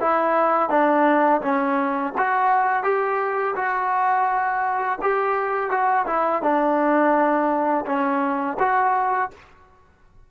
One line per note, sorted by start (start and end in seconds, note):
0.00 0.69 E4
0.69 1.41 D4
1.41 2.13 C#4
2.18 2.83 F#4
2.83 3.55 G4
3.56 4.98 F#4
5.02 5.70 G4
5.70 6.06 F#4
6.06 6.42 E4
6.42 7.85 D4
7.86 8.57 C#4
8.59 9.30 F#4